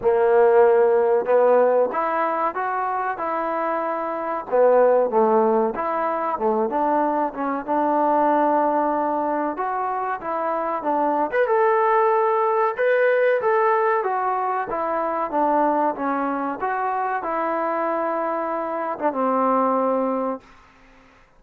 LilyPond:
\new Staff \with { instrumentName = "trombone" } { \time 4/4 \tempo 4 = 94 ais2 b4 e'4 | fis'4 e'2 b4 | a4 e'4 a8 d'4 cis'8 | d'2. fis'4 |
e'4 d'8. b'16 a'2 | b'4 a'4 fis'4 e'4 | d'4 cis'4 fis'4 e'4~ | e'4.~ e'16 d'16 c'2 | }